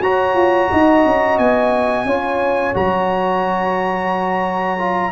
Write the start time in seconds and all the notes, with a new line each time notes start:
0.00 F#4 C#5 A#5
0.34 F4
0.71 D#4 D#5
1.05 C#4
1.38 B3 G#5
2.05 C#4 F4 C#5
2.74 F#3 F#4 A#5
4.78 F4